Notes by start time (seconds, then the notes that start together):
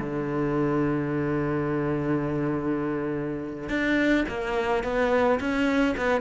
0.00 D3
3.70 D4
4.29 A#3
4.84 B3
5.40 C#4
5.97 B3